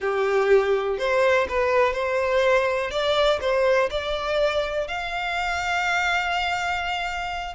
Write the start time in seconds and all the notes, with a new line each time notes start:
0.00 G4
0.98 C5
1.48 B4
1.93 C5
2.90 D5
3.40 C5
3.90 D5
4.87 F5